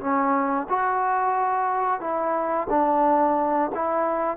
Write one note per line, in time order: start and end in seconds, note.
0.00 0.67 C#4
0.69 2.00 F#4
2.00 2.68 E4
2.70 3.71 D4
3.75 4.37 E4